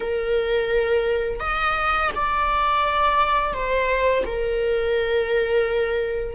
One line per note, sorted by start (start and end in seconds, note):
0.00 1.40 A#4
1.40 2.10 D#5
2.15 3.53 D5
3.53 4.24 C5
4.25 6.35 A#4